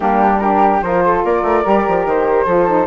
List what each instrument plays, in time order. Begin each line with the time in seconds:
0.00 bassoon G3, saxophone A#3, flute D4 G4
0.39 saxophone D4, flute G4 A#4
0.81 bassoon F3, saxophone F4, flute A#4 C5
1.05 flute A4
1.24 bassoon A#3, flute A#4 D5
1.42 bassoon A3
1.64 bassoon G3, saxophone G4
1.87 bassoon F3
2.05 bassoon D#3, flute C5
2.45 bassoon F3, saxophone F4, flute A4
2.67 saxophone D#4